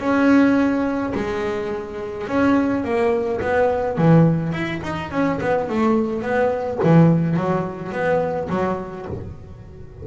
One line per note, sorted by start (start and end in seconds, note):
0.00 1.13 C#4
1.14 2.27 G#3
2.27 2.84 C#4
2.84 3.41 A#3
3.41 3.98 B3
3.98 4.52 E3
4.52 4.81 E4
4.83 5.11 D#4
5.11 5.39 C#4
5.41 5.69 B3
5.69 6.22 A3
6.22 6.79 B3
6.83 7.37 E3
7.37 7.92 F#3
7.92 8.49 B3
8.49 9.06 F#3